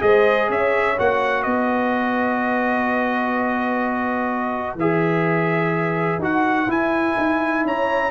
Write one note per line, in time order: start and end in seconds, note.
0.00 0.49 G#3
0.00 0.95 G#4
0.00 0.50 C5
0.00 0.50 D#5
0.49 0.97 C#4
0.49 1.44 C#5
0.49 0.98 E5
0.98 1.46 A#3
0.98 4.79 F#4
0.98 1.43 F#5
1.43 4.75 B3
1.43 7.63 B4
1.43 4.76 D#5
4.75 6.18 E3
4.75 6.21 G#4
4.75 6.22 E5
6.19 6.66 D#4
6.19 6.68 F#4
6.19 6.71 F#5
6.67 7.15 E4
6.67 8.11 E4
6.67 7.66 G#5
7.17 7.64 D#4
7.64 8.11 C#4
7.64 8.11 C#5
7.64 8.11 A#5